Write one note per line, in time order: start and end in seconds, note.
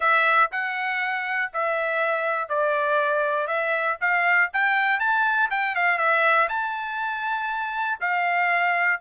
0.00 0.50 E5
0.51 1.51 F#5
1.53 2.48 E5
2.48 3.47 D5
3.47 3.97 E5
4.00 4.50 F5
4.52 4.99 G5
4.99 5.49 A5
5.50 5.75 G5
5.75 5.98 F5
5.98 6.48 E5
6.48 7.98 A5
8.00 9.00 F5